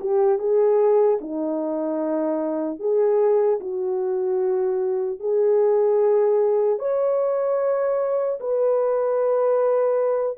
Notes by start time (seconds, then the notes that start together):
0.00 G4
0.38 G#4
1.21 D#4
2.79 G#4
3.60 F#4
5.20 G#4
6.79 C#5
8.40 B4